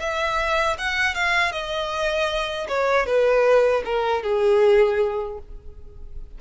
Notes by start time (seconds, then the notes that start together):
0.00 E5
0.78 F#5
1.15 F5
1.52 D#5
2.68 C#5
3.06 B4
3.85 A#4
4.23 G#4